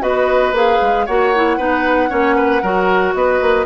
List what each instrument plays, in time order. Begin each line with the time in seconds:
0.00 bassoon B3, clarinet F#4, oboe B4, flute D#5
0.52 bassoon A#3, clarinet G#4, flute F5
0.81 bassoon G#3
1.06 bassoon A#3, clarinet F#4, oboe C#5, flute F#5
1.35 clarinet E4
1.57 bassoon B3, clarinet D#4, oboe B4
2.09 bassoon A#3, clarinet C#4, oboe C#5
2.35 oboe B4
2.62 bassoon F#3, clarinet F#4, oboe A#4
3.13 bassoon B3, oboe B4, flute D#5
3.41 bassoon A#3